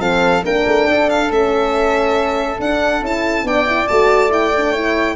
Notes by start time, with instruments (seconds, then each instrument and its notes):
0.00 tuba F3, horn C4, flute A4, violin F5
0.45 tuba A#3, horn D4, flute A#4, violin G5
0.67 tuba A3
0.88 tuba D4, flute A4
1.10 violin F5
1.29 tuba A3, horn C#4, violin E5
2.59 tuba D4, horn D4, violin F#5
3.01 tuba C#4, horn E4, violin A5
3.44 tuba B3, horn D4, flute D5, violin G5
3.67 horn E4
3.88 tuba A3, horn F#4, violin A5
4.31 horn E4, violin G5
4.57 horn D4
4.72 horn E4, flute C#5